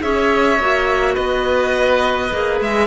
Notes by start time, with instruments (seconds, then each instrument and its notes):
0.00 cello C#4, clarinet G#4, oboe C#5, violin E5
0.59 cello A#3, clarinet F#4
1.14 cello B3, oboe B4, violin D#5
2.31 cello A#3, clarinet G#4
2.61 cello G#3, violin E5